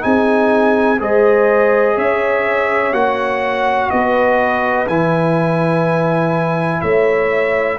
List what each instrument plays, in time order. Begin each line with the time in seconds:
0.00 tuba C4, trombone D#4, horn G#4, trumpet G#5
0.99 tuba G#3, trombone G#4, horn C5, trumpet D#5
1.96 tuba C#4, horn C#5, trumpet E5
2.93 tuba A#3, trombone F#4, trumpet F#5
3.90 tuba B3, horn B4, trumpet D#5
4.88 tuba E3, trombone E4, trumpet G#5
6.81 tuba A3, horn C#5, trumpet E5